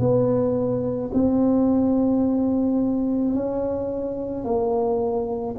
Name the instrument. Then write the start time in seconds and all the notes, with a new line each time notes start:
tuba
0.00 B3
1.14 C4
3.35 C#4
4.45 A#3